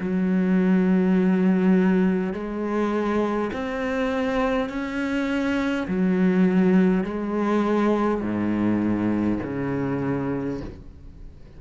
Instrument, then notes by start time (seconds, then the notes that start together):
cello
0.00 F#3
2.33 G#3
3.53 C4
4.69 C#4
5.88 F#3
7.04 G#3
8.21 G#2
9.43 C#3